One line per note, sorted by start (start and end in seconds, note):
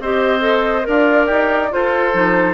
0.00 0.86 C4
0.00 0.40 G4
0.00 0.87 C5
0.00 0.87 D#5
0.40 0.83 A4
0.83 1.30 D4
0.83 1.69 A#4
0.83 1.73 D5
0.90 1.26 F4
1.26 1.72 D#4
1.26 1.69 G4
1.71 2.12 F4
1.71 2.14 F4
1.71 2.54 A4
1.71 2.54 C5
2.12 2.54 F3
2.12 2.54 D#4